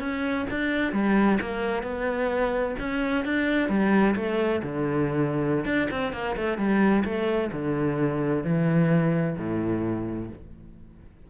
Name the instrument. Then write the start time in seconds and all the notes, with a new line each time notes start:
cello
0.00 C#4
0.51 D4
0.93 G3
1.41 A#3
1.83 B3
2.80 C#4
3.25 D4
3.69 G3
4.16 A3
4.63 D3
5.65 D4
5.91 C4
6.13 A#3
6.37 A3
6.58 G3
7.05 A3
7.53 D3
8.44 E3
9.38 A2